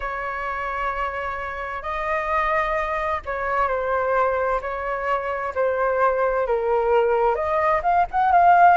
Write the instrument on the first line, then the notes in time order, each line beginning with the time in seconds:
flute
0.00 C#5
1.82 D#5
3.26 C#5
3.68 C5
4.61 C#5
5.54 C5
6.47 A#4
7.35 D#5
7.83 F5
8.11 F#5
8.32 F5